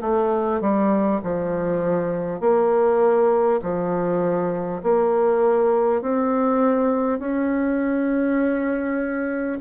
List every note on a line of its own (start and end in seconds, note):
0.00 0.60 A3
0.60 1.20 G3
1.23 2.40 F3
2.40 3.60 A#3
3.62 4.82 F3
4.82 6.01 A#3
6.01 7.19 C4
7.19 9.59 C#4